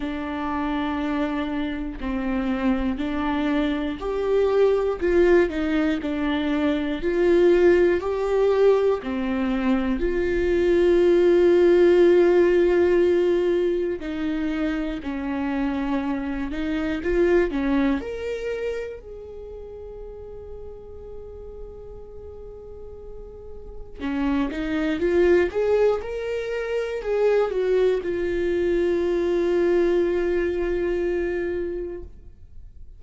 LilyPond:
\new Staff \with { instrumentName = "viola" } { \time 4/4 \tempo 4 = 60 d'2 c'4 d'4 | g'4 f'8 dis'8 d'4 f'4 | g'4 c'4 f'2~ | f'2 dis'4 cis'4~ |
cis'8 dis'8 f'8 cis'8 ais'4 gis'4~ | gis'1 | cis'8 dis'8 f'8 gis'8 ais'4 gis'8 fis'8 | f'1 | }